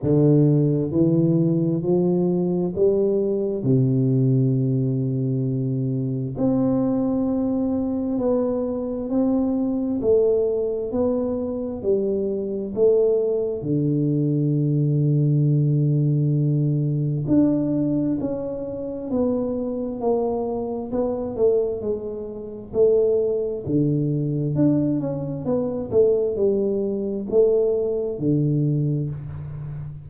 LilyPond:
\new Staff \with { instrumentName = "tuba" } { \time 4/4 \tempo 4 = 66 d4 e4 f4 g4 | c2. c'4~ | c'4 b4 c'4 a4 | b4 g4 a4 d4~ |
d2. d'4 | cis'4 b4 ais4 b8 a8 | gis4 a4 d4 d'8 cis'8 | b8 a8 g4 a4 d4 | }